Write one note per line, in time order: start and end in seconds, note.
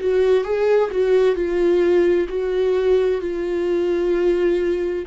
0.00 0.44 F#4
0.44 0.91 G#4
0.91 1.36 F#4
1.36 2.28 F4
2.29 3.21 F#4
3.21 5.06 F4